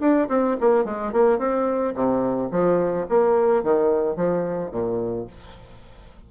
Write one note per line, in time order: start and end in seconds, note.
0.00 0.28 D4
0.28 0.56 C4
0.60 0.84 A#3
0.84 1.12 G#3
1.12 1.38 A#3
1.38 1.94 C4
1.94 2.50 C3
2.51 3.07 F3
3.09 3.63 A#3
3.63 4.16 D#3
4.16 4.71 F3
4.71 5.27 A#2